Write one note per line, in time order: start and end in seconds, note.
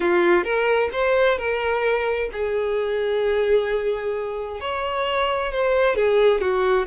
0.00 0.44 F4
0.44 0.89 A#4
0.92 1.38 C5
1.38 2.29 A#4
2.32 4.60 G#4
4.60 5.51 C#5
5.51 5.95 C5
5.95 6.40 G#4
6.40 6.86 F#4